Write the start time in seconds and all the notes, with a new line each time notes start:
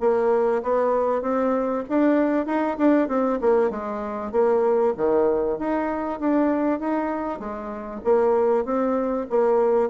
0.00 A#3
0.62 B3
1.22 C4
1.89 D4
2.46 D#4
2.78 D4
3.08 C4
3.41 A#3
3.70 G#3
4.32 A#3
4.97 D#3
5.58 D#4
6.20 D4
6.79 D#4
7.39 G#3
8.04 A#3
8.65 C4
9.30 A#3